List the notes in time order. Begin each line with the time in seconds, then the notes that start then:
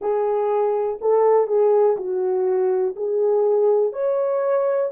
0.00 G#4
1.01 A4
1.47 G#4
1.97 F#4
2.96 G#4
3.92 C#5